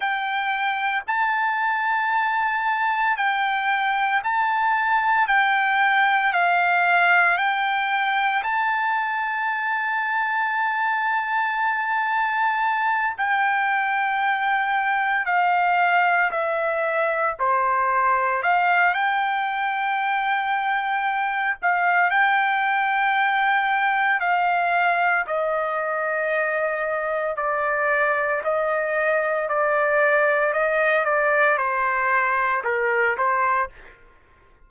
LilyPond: \new Staff \with { instrumentName = "trumpet" } { \time 4/4 \tempo 4 = 57 g''4 a''2 g''4 | a''4 g''4 f''4 g''4 | a''1~ | a''8 g''2 f''4 e''8~ |
e''8 c''4 f''8 g''2~ | g''8 f''8 g''2 f''4 | dis''2 d''4 dis''4 | d''4 dis''8 d''8 c''4 ais'8 c''8 | }